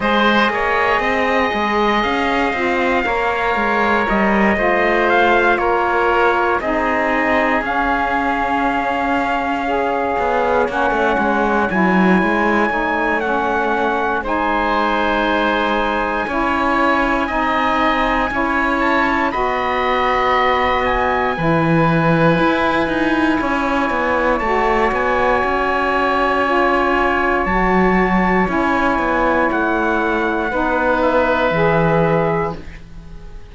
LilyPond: <<
  \new Staff \with { instrumentName = "trumpet" } { \time 4/4 \tempo 4 = 59 dis''2 f''2 | dis''4 f''8 cis''4 dis''4 f''8~ | f''2~ f''8 fis''4 gis''8~ | gis''4 fis''4 gis''2~ |
gis''2~ gis''8 a''8 b''4~ | b''8 gis''2.~ gis''8 | a''8 gis''2~ gis''8 a''4 | gis''4 fis''4. e''4. | }
  \new Staff \with { instrumentName = "oboe" } { \time 4/4 c''8 cis''8 dis''2 cis''4~ | cis''8 c''4 ais'4 gis'4.~ | gis'4. cis''2~ cis''8~ | cis''2 c''2 |
cis''4 dis''4 cis''4 dis''4~ | dis''4 b'2 cis''4~ | cis''1~ | cis''2 b'2 | }
  \new Staff \with { instrumentName = "saxophone" } { \time 4/4 gis'2~ gis'8 f'8 ais'4~ | ais'8 f'2 dis'4 cis'8~ | cis'4. gis'4 cis'4 e'8~ | e'8 dis'8 cis'4 dis'2 |
e'4 dis'4 e'4 fis'4~ | fis'4 e'2. | fis'2 f'4 fis'4 | e'2 dis'4 gis'4 | }
  \new Staff \with { instrumentName = "cello" } { \time 4/4 gis8 ais8 c'8 gis8 cis'8 c'8 ais8 gis8 | g8 a4 ais4 c'4 cis'8~ | cis'2 b8 ais16 a16 gis8 fis8 | gis8 a4. gis2 |
cis'4 c'4 cis'4 b4~ | b4 e4 e'8 dis'8 cis'8 b8 | a8 b8 cis'2 fis4 | cis'8 b8 a4 b4 e4 | }
>>